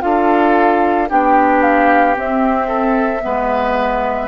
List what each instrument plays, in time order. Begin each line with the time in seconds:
0.00 bassoon D4, clarinet F4, oboe A4, flute F5
1.08 bassoon B3, clarinet D4, oboe G4, flute G5
1.62 flute F5
2.15 clarinet C4, bassoon C4, flute E5
2.67 oboe A4
3.21 bassoon G#3, clarinet B3, oboe B4